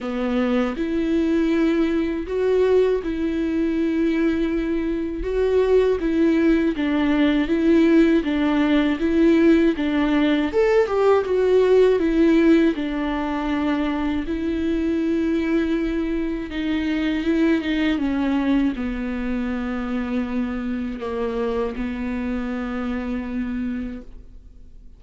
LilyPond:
\new Staff \with { instrumentName = "viola" } { \time 4/4 \tempo 4 = 80 b4 e'2 fis'4 | e'2. fis'4 | e'4 d'4 e'4 d'4 | e'4 d'4 a'8 g'8 fis'4 |
e'4 d'2 e'4~ | e'2 dis'4 e'8 dis'8 | cis'4 b2. | ais4 b2. | }